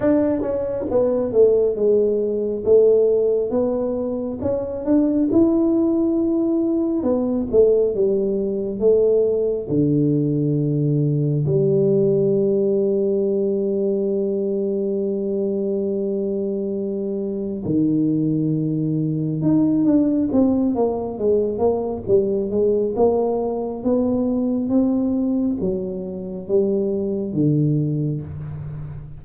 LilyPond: \new Staff \with { instrumentName = "tuba" } { \time 4/4 \tempo 4 = 68 d'8 cis'8 b8 a8 gis4 a4 | b4 cis'8 d'8 e'2 | b8 a8 g4 a4 d4~ | d4 g2.~ |
g1 | dis2 dis'8 d'8 c'8 ais8 | gis8 ais8 g8 gis8 ais4 b4 | c'4 fis4 g4 d4 | }